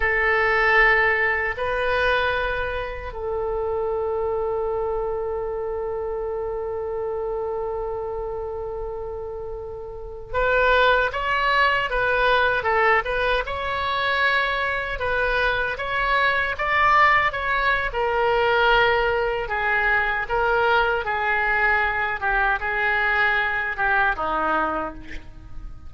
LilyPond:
\new Staff \with { instrumentName = "oboe" } { \time 4/4 \tempo 4 = 77 a'2 b'2 | a'1~ | a'1~ | a'4~ a'16 b'4 cis''4 b'8.~ |
b'16 a'8 b'8 cis''2 b'8.~ | b'16 cis''4 d''4 cis''8. ais'4~ | ais'4 gis'4 ais'4 gis'4~ | gis'8 g'8 gis'4. g'8 dis'4 | }